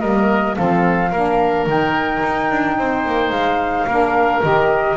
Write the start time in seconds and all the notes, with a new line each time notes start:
0.00 G3 A#3 A#4 D#5
0.56 F3 C4 A4 F5
1.10 A#3 D4 A#4
1.66 D#3 D#4 G5
2.23 D#4
2.51 D4
2.78 C4 C5
3.06 A#3
3.30 G#3 F5
3.87 A#3 D4 A#4
4.42 D#3 G4 D#5